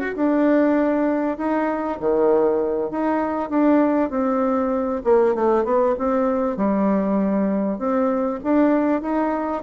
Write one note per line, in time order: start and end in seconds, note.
0.00 0.15 F#4
0.16 1.38 D4
1.38 1.99 D#4
2.00 2.91 D#3
2.91 3.50 D#4
3.50 4.10 D4
4.10 5.02 C4
5.05 5.35 A#3
5.35 5.65 A3
5.65 5.95 B3
5.99 6.57 C4
6.57 7.79 G3
7.79 8.40 C4
8.44 9.02 D4
9.02 9.63 D#4